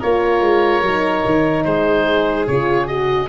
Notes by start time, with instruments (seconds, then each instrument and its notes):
0.00 tuba A#3, horn F4, violin A#4, oboe C#5
0.41 tuba G#3
0.83 tuba F#3, horn D#4
1.26 tuba D#3
1.65 tuba G#3, violin G#4, oboe C5
2.48 tuba C#3, horn F4, oboe C#5
2.87 horn F#4, oboe D#5